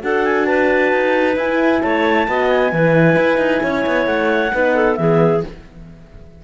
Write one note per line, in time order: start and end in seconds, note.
0.00 0.92 D4
0.00 1.35 F#4
0.00 0.46 A4
0.00 0.25 F#5
0.25 0.45 G#5
0.45 1.82 B4
0.45 1.36 A5
0.92 1.36 D#4
1.36 1.81 E4
1.36 2.28 E4
1.36 1.82 G#5
1.82 2.27 A3
1.82 2.28 C#5
1.82 2.49 A5
2.27 2.72 B3
2.27 2.71 F#4
2.27 2.72 D#5
2.49 4.07 G#5
2.71 3.16 E3
2.71 4.51 E4
2.71 3.63 B4
3.16 3.38 E4
3.38 3.60 D#4
3.63 3.85 C#4
3.63 4.53 C#5
3.86 4.06 B3
4.06 4.51 A3
4.06 4.95 F#5
4.53 4.98 B3
4.53 4.96 D#4
4.53 4.75 B4
4.75 4.98 A4
4.95 5.43 E3
4.95 5.42 B3
4.95 5.44 G#4
4.95 5.40 E5